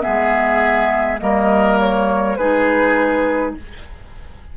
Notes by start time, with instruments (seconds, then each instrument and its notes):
0.00 clarinet B3, oboe G#4, flute E5
0.07 bassoon G#3
1.20 bassoon G3, clarinet A#3, oboe A#4, flute D#5
1.79 flute C#5
2.36 bassoon G#3, clarinet D#4, oboe G#4, flute B4